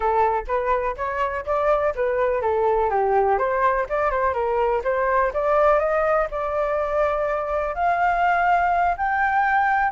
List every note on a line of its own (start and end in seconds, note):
0.00 0.44 A4
0.47 0.95 B4
0.97 1.45 C#5
1.45 1.94 D5
1.95 2.41 B4
2.41 2.89 A4
2.89 3.38 G4
3.38 3.86 C5
3.89 4.10 D5
4.10 4.33 C5
4.33 4.81 A#4
4.84 5.32 C5
5.33 5.79 D5
5.79 6.27 D#5
6.30 7.75 D5
7.75 8.96 F5
8.97 9.91 G5